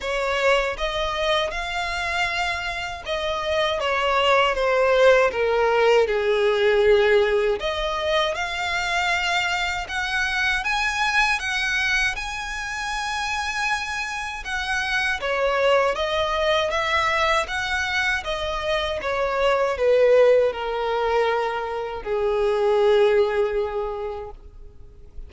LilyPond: \new Staff \with { instrumentName = "violin" } { \time 4/4 \tempo 4 = 79 cis''4 dis''4 f''2 | dis''4 cis''4 c''4 ais'4 | gis'2 dis''4 f''4~ | f''4 fis''4 gis''4 fis''4 |
gis''2. fis''4 | cis''4 dis''4 e''4 fis''4 | dis''4 cis''4 b'4 ais'4~ | ais'4 gis'2. | }